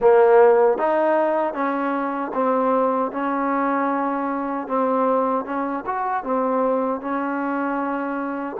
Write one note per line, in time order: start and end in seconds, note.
0.00 0.78 A#3
0.78 1.53 D#4
1.53 2.31 C#4
2.34 3.11 C4
3.11 4.67 C#4
4.68 5.45 C4
5.45 5.84 C#4
5.85 6.23 F#4
6.23 7.01 C4
7.01 8.56 C#4